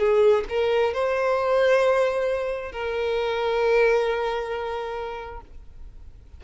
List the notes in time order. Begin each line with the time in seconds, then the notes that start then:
0.00 G#4
0.50 A#4
0.94 C5
2.72 A#4